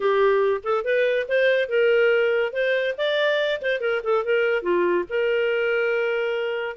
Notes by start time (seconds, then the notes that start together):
0.00 G4
0.63 A4
0.84 B4
1.28 C5
1.68 A#4
2.52 C5
2.97 D5
3.61 C5
3.80 A#4
4.03 A4
4.24 A#4
4.62 F4
5.09 A#4